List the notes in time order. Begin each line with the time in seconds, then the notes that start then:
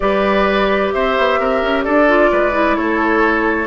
0.00 G3 G4 B4 D5
0.92 C4 C5 E5
1.17 B3
1.39 C4 A#4
1.62 C#4
1.83 D4 A4 D5
2.07 F4
2.31 G#3 B4
2.52 E4
2.75 A3 A4 C#5